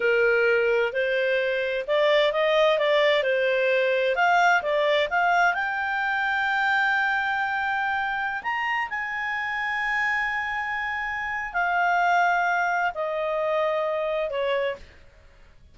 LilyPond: \new Staff \with { instrumentName = "clarinet" } { \time 4/4 \tempo 4 = 130 ais'2 c''2 | d''4 dis''4 d''4 c''4~ | c''4 f''4 d''4 f''4 | g''1~ |
g''2~ g''16 ais''4 gis''8.~ | gis''1~ | gis''4 f''2. | dis''2. cis''4 | }